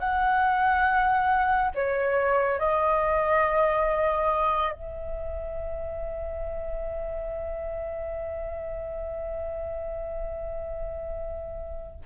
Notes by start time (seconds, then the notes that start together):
0.00 F#5
1.75 C#5
2.59 D#5
4.73 E5